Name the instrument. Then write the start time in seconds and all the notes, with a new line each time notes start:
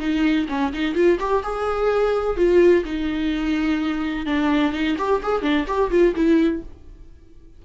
viola
0.00 D#4
0.49 C#4
0.73 D#4
0.95 F4
1.20 G4
1.43 G#4
2.37 F4
2.85 D#4
4.26 D4
4.73 D#4
4.98 G4
5.23 G#4
5.42 D4
5.68 G4
5.91 F4
6.15 E4